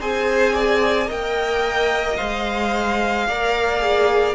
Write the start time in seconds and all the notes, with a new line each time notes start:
0.00 C4 G#4 C5 G#5
0.54 D5
1.07 A#3 A#4 D#5 G5
2.17 G#3 C5 F5
3.28 A#3 A#4 D5
3.80 G#4